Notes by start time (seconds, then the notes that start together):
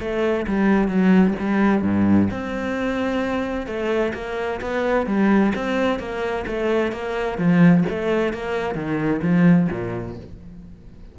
0.00 A3
0.47 G3
0.88 F#3
1.39 G3
1.83 G2
2.31 C4
3.67 A3
4.14 A#3
4.61 B3
5.06 G3
5.55 C4
5.99 A#3
6.47 A3
6.92 A#3
7.38 F3
7.89 A3
8.33 A#3
8.75 D#3
9.22 F3
9.71 A#2